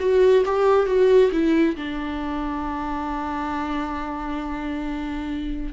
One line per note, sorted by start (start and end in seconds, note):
0.00 0.44 F#4
0.46 0.87 G4
0.87 1.31 F#4
1.32 1.76 E4
1.76 5.74 D4